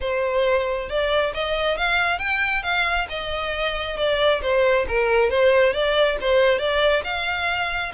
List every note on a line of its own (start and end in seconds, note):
0.01 0.89 C5
0.89 1.33 D5
1.34 1.77 D#5
1.77 2.19 F5
2.19 2.62 G5
2.62 3.07 F5
3.09 3.97 D#5
3.97 4.41 D5
4.41 4.85 C5
4.87 5.29 A#4
5.29 5.73 C5
5.73 6.17 D5
6.20 6.59 C5
6.59 7.03 D5
7.04 7.92 F5